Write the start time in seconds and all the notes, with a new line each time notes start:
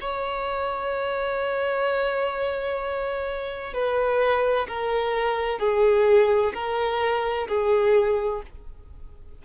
0.00 C#5
3.73 B4
4.67 A#4
5.59 G#4
6.54 A#4
7.48 G#4